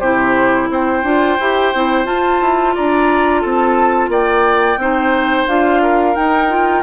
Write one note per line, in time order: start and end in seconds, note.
0.00 0.69 C3
0.00 1.04 E4
0.00 0.68 G4
0.00 0.68 C5
0.70 1.04 C4
0.70 2.75 C5
0.70 2.06 G5
1.04 1.38 D4
1.04 1.38 F4
1.40 1.74 E4
1.40 1.75 G4
1.74 2.06 C4
1.74 2.05 E4
2.05 4.78 F4
2.05 2.40 F4
2.05 2.75 A5
2.41 2.75 E4
2.75 3.45 D4
2.75 3.42 D5
2.75 3.41 A#5
3.41 4.09 C4
3.41 4.10 A4
3.41 4.09 A5
4.09 4.77 A#3
4.09 4.79 D5
4.09 5.48 G5
4.77 5.45 C4
4.77 5.48 D#4
4.77 5.83 C5
5.48 6.16 D4
5.48 6.15 F4
5.48 6.16 F5
5.83 6.83 A#4
6.15 6.50 D#4
6.15 6.83 D#4
6.15 6.83 G5
6.50 6.83 F4